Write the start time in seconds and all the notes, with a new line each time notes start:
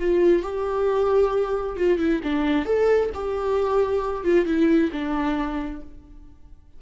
0.00 F4
0.43 G4
1.77 F4
1.99 E4
2.24 D4
2.66 A4
3.15 G4
4.25 F4
4.46 E4
4.92 D4